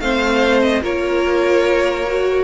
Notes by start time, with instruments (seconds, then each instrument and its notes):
0.00 cello A3, viola C4, violin C5 F5
0.62 violin D#5
0.82 cello A#3, viola F4, violin A#4 C#5
2.07 viola F#4